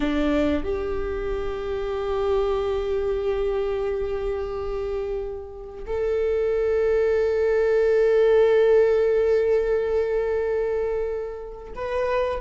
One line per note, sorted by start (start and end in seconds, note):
0.00 0.63 D4
0.63 5.85 G4
5.86 11.73 A4
11.75 12.40 B4